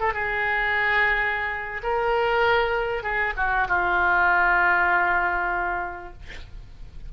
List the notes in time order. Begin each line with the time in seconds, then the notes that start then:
0.00 A4
0.14 G#4
1.83 A#4
3.03 G#4
3.37 F#4
3.68 F4